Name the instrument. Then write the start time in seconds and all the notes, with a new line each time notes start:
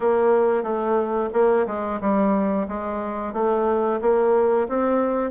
bassoon
0.00 A#3
0.63 A3
1.33 A#3
1.66 G#3
2.00 G3
2.68 G#3
3.33 A3
4.01 A#3
4.68 C4